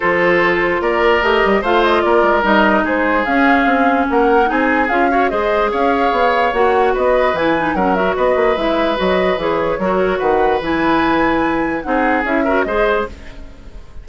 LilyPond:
<<
  \new Staff \with { instrumentName = "flute" } { \time 4/4 \tempo 4 = 147 c''2 d''4 dis''4 | f''8 dis''8 d''4 dis''4 c''4 | f''2 fis''4 gis''4 | f''4 dis''4 f''2 |
fis''4 dis''4 gis''4 fis''8 e''8 | dis''4 e''4 dis''4 cis''4~ | cis''4 fis''4 gis''2~ | gis''4 fis''4 e''4 dis''4 | }
  \new Staff \with { instrumentName = "oboe" } { \time 4/4 a'2 ais'2 | c''4 ais'2 gis'4~ | gis'2 ais'4 gis'4~ | gis'8 cis''8 c''4 cis''2~ |
cis''4 b'2 ais'4 | b'1 | ais'4 b'2.~ | b'4 gis'4. ais'8 c''4 | }
  \new Staff \with { instrumentName = "clarinet" } { \time 4/4 f'2. g'4 | f'2 dis'2 | cis'2. dis'4 | f'8 fis'8 gis'2. |
fis'2 e'8 dis'8 cis'8 fis'8~ | fis'4 e'4 fis'4 gis'4 | fis'2 e'2~ | e'4 dis'4 e'8 fis'8 gis'4 | }
  \new Staff \with { instrumentName = "bassoon" } { \time 4/4 f2 ais4 a8 g8 | a4 ais8 gis8 g4 gis4 | cis'4 c'4 ais4 c'4 | cis'4 gis4 cis'4 b4 |
ais4 b4 e4 fis4 | b8 ais8 gis4 fis4 e4 | fis4 dis4 e2~ | e4 c'4 cis'4 gis4 | }
>>